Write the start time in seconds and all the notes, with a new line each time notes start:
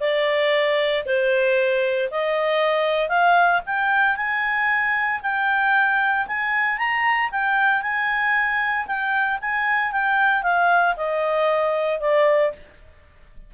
0.00 D5
1.06 C5
2.11 D#5
3.09 F5
3.66 G5
4.16 G#5
5.23 G5
6.27 G#5
6.78 A#5
7.32 G5
7.82 G#5
8.87 G5
9.42 G#5
9.92 G5
10.43 F5
10.97 D#5
12.00 D5